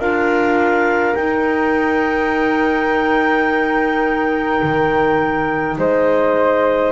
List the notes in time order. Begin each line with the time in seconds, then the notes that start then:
0.00 D4 F4 A#4 F5
1.15 D#4 G5
4.63 D#3
5.78 G#3 C5 D#5